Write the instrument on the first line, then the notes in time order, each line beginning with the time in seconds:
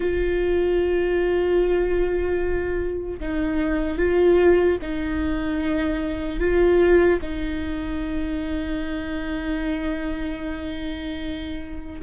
viola
0.00 F4
3.20 D#4
3.97 F4
4.81 D#4
6.39 F4
7.21 D#4